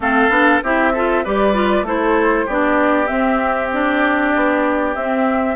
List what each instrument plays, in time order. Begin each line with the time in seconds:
0.00 bassoon A3, clarinet C4, oboe A4, flute F5
0.29 bassoon B3, clarinet D4
0.63 bassoon C4, clarinet E4, oboe G4, flute E5
0.93 clarinet F4, oboe A4
1.24 bassoon G3, clarinet G4, oboe B4, flute D5
1.53 clarinet F4
1.82 bassoon A3, clarinet E4, oboe A4, flute C5
2.45 bassoon B3, clarinet D4, oboe G4, flute D5
3.07 clarinet C4, bassoon C4, flute E5
3.72 clarinet D4, flute D5
4.35 bassoon B3
4.94 bassoon C4, clarinet C4, flute E5